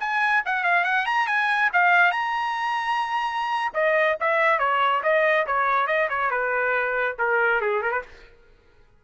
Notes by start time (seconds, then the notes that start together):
0.00 G#5
0.45 F#5
0.64 F5
0.84 F#5
1.06 A#5
1.27 G#5
1.73 F5
2.12 A#5
3.74 D#5
4.21 E5
4.59 C#5
5.03 D#5
5.47 C#5
5.87 D#5
6.09 C#5
6.31 B4
7.19 A#4
7.61 G#4
7.82 A#4
7.92 B4